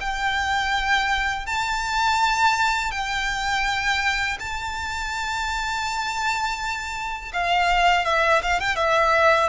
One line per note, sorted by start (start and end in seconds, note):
0.00 1.46 G5
1.46 2.91 A5
2.91 4.38 G5
4.40 7.32 A5
7.33 8.05 F5
8.05 8.42 E5
8.42 8.60 F5
8.60 8.76 G5
8.76 9.49 E5